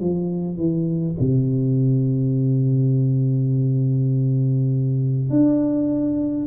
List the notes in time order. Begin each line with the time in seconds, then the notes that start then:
0.00 F3
0.56 E3
1.20 C3
5.29 D4